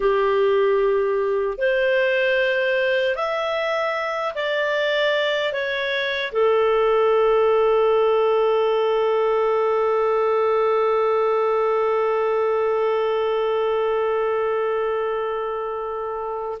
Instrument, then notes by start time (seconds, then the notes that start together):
clarinet
0.00 G4
1.58 C5
3.15 E5
4.35 D5
5.52 C#5
6.32 A4